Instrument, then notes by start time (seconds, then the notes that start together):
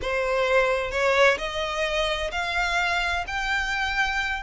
violin
0.01 C5
0.91 C#5
1.37 D#5
2.31 F5
3.27 G5